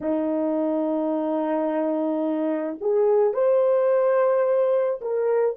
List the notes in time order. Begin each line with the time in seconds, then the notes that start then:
0.00 D#4
2.80 G#4
3.33 C5
5.01 A#4